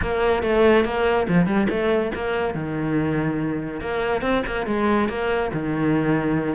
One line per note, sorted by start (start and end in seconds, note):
0.01 0.42 A#3
0.42 0.84 A3
0.84 1.27 A#3
1.28 1.46 F3
1.46 1.67 G3
1.69 2.11 A3
2.14 2.54 A#3
2.54 3.80 D#3
3.80 4.21 A#3
4.21 4.42 C4
4.46 4.66 A#3
4.66 5.08 G#3
5.08 5.51 A#3
5.53 6.55 D#3